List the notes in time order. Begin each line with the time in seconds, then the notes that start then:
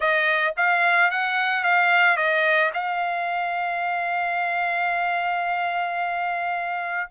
0.00 D#5
0.57 F5
1.11 F#5
1.63 F5
2.16 D#5
2.73 F5